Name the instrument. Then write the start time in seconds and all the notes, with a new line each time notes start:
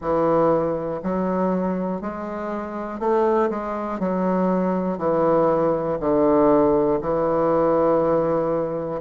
bassoon
0.01 E3
1.03 F#3
2.01 G#3
3.00 A3
3.50 G#3
4.00 F#3
4.97 E3
6.00 D3
7.01 E3